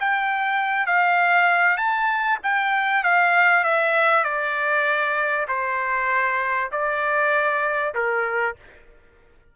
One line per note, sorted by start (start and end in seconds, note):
0.00 0.87 G5
0.87 1.77 F5
1.77 2.38 A5
2.43 3.04 G5
3.04 3.64 F5
3.64 4.24 E5
4.24 5.47 D5
5.48 6.70 C5
6.72 7.94 D5
7.94 8.55 A#4